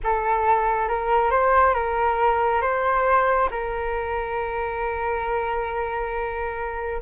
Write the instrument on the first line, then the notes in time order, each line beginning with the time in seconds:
flute
0.03 A4
0.88 A#4
1.30 C5
1.74 A#4
2.61 C5
3.50 A#4